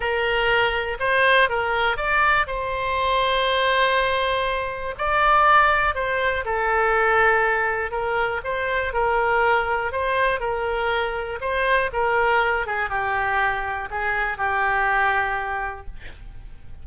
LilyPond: \new Staff \with { instrumentName = "oboe" } { \time 4/4 \tempo 4 = 121 ais'2 c''4 ais'4 | d''4 c''2.~ | c''2 d''2 | c''4 a'2. |
ais'4 c''4 ais'2 | c''4 ais'2 c''4 | ais'4. gis'8 g'2 | gis'4 g'2. | }